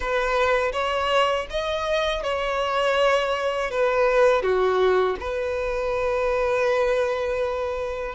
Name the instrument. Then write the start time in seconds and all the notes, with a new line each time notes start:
violin
0.00 B4
0.72 C#5
1.49 D#5
2.23 C#5
3.70 B4
4.42 F#4
5.20 B4